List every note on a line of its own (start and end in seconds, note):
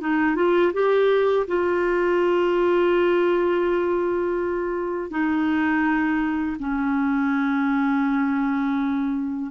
0.00 0.35 D#4
0.35 0.72 F4
0.73 1.46 G4
1.47 5.10 F4
5.10 6.56 D#4
6.59 9.51 C#4